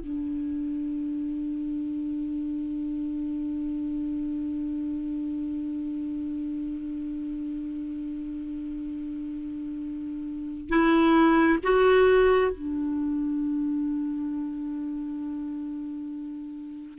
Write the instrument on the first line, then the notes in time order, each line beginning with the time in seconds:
clarinet
0.00 D4
10.69 E4
11.63 F#4
12.51 D4